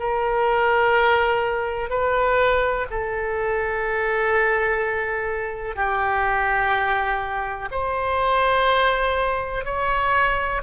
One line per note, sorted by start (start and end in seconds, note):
0.00 1.90 A#4
1.90 2.86 B4
2.91 5.76 A4
5.76 7.69 G4
7.72 9.65 C5
9.65 10.62 C#5